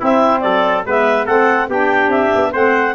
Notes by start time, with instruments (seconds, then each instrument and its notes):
0.00 saxophone C4, tuba C4, trumpet E4, clarinet E5
0.41 tuba F#3, trumpet A4, clarinet D5
0.86 tuba G#3, saxophone B3, trumpet B4, clarinet E5
1.26 tuba A3, saxophone C4, trumpet A4, clarinet F#5
1.68 tuba B3, saxophone D4, trumpet G4, clarinet G5
2.08 tuba C4, clarinet E5
2.35 tuba B3
2.52 tuba A3, saxophone C4, trumpet C5, clarinet F#5